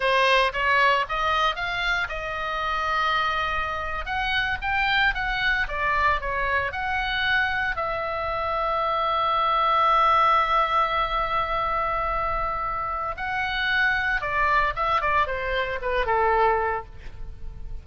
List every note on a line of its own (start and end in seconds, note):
0.00 0.52 C5
0.53 1.05 C#5
1.08 1.55 D#5
1.55 2.08 F5
2.09 4.05 D#5
4.05 4.58 F#5
4.61 5.14 G5
5.14 5.67 F#5
5.68 6.20 D5
6.20 6.72 C#5
6.72 7.76 F#5
7.76 13.15 E5
13.16 14.21 F#5
14.21 14.73 D5
14.75 15.01 E5
15.01 15.26 D5
15.26 15.79 C5
15.81 16.06 B4
16.06 16.85 A4